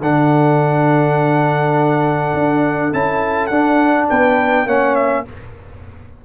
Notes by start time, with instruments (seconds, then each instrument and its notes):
0.00 tuba D3, trombone D4, horn A4, trumpet F#5
2.33 tuba D4
2.93 tuba C#4, trombone E4, trumpet A5
3.47 tuba D4, trombone D4, trumpet F#5
4.09 tuba B3, horn B4, trumpet G5
4.66 tuba A#3, trombone C#4, horn C#5, trumpet F#5
4.95 trumpet E5